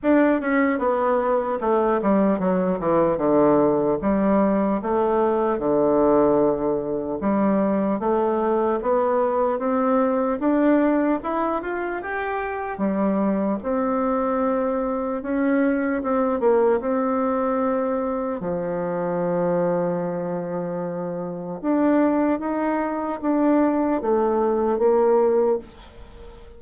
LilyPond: \new Staff \with { instrumentName = "bassoon" } { \time 4/4 \tempo 4 = 75 d'8 cis'8 b4 a8 g8 fis8 e8 | d4 g4 a4 d4~ | d4 g4 a4 b4 | c'4 d'4 e'8 f'8 g'4 |
g4 c'2 cis'4 | c'8 ais8 c'2 f4~ | f2. d'4 | dis'4 d'4 a4 ais4 | }